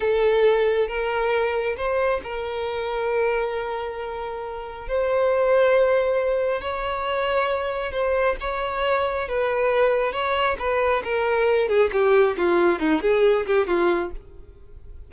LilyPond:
\new Staff \with { instrumentName = "violin" } { \time 4/4 \tempo 4 = 136 a'2 ais'2 | c''4 ais'2.~ | ais'2. c''4~ | c''2. cis''4~ |
cis''2 c''4 cis''4~ | cis''4 b'2 cis''4 | b'4 ais'4. gis'8 g'4 | f'4 dis'8 gis'4 g'8 f'4 | }